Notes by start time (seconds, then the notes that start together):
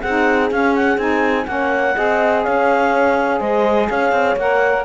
0.00 C4 G#4 F#5
0.07 D#4
0.51 C#4 F5
0.76 F#5
0.98 C4 D#4 G#5
1.46 A#3 C#4 C#5 F#5
1.96 C4 G#4 D#5
2.44 C#4 C#5 F5
3.40 G#3 C5 D#5
3.89 C#4 C#5 F5
4.12 C4
4.36 A#3 A#4 F#5